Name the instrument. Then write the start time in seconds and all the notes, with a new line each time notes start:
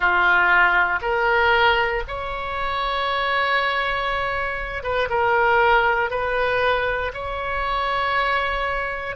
oboe
0.00 F4
1.01 A#4
2.07 C#5
4.83 B4
5.09 A#4
6.10 B4
7.13 C#5